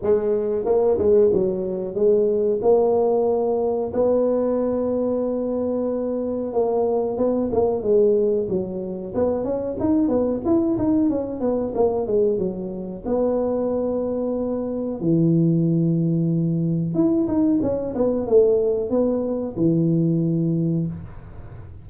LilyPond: \new Staff \with { instrumentName = "tuba" } { \time 4/4 \tempo 4 = 92 gis4 ais8 gis8 fis4 gis4 | ais2 b2~ | b2 ais4 b8 ais8 | gis4 fis4 b8 cis'8 dis'8 b8 |
e'8 dis'8 cis'8 b8 ais8 gis8 fis4 | b2. e4~ | e2 e'8 dis'8 cis'8 b8 | a4 b4 e2 | }